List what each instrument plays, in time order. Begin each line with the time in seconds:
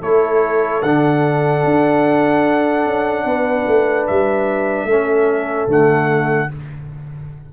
0.00 tuba A3, trombone E4, horn A4, trumpet C#5
0.83 tuba D3, trombone D4, trumpet F#5
1.65 tuba D4
2.86 tuba C#4
3.25 tuba B3, horn B4
3.67 tuba A3
4.07 tuba G3, trumpet E5
4.84 tuba A3, trombone C#4, horn A4
5.67 tuba D3, trombone A3, trumpet F#5